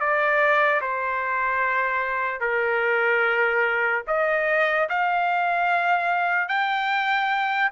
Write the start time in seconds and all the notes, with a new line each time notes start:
0.00 D5
0.81 C5
2.41 A#4
4.08 D#5
4.89 F5
6.49 G5